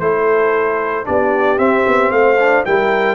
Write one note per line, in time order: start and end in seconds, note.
0.00 1.07 A3
0.00 1.05 E4
0.00 1.08 A4
0.00 1.06 C5
1.05 1.59 B3
1.05 1.58 D4
1.05 2.14 G4
1.05 1.59 D5
1.58 2.37 C4
1.58 1.86 C4
1.58 2.12 E5
1.87 2.11 B3
2.11 2.64 A3
2.11 2.67 C5
2.11 2.65 F5
2.40 2.66 D4
2.66 3.16 G3
2.66 3.16 E4
2.66 3.16 A#4
2.66 3.16 G5